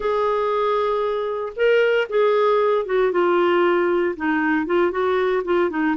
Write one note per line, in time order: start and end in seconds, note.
0.00 1.52 G#4
1.55 2.07 A#4
2.09 2.85 G#4
2.85 3.11 F#4
3.11 4.15 F4
4.16 4.66 D#4
4.66 4.91 F4
4.91 5.42 F#4
5.44 5.70 F4
5.70 5.96 D#4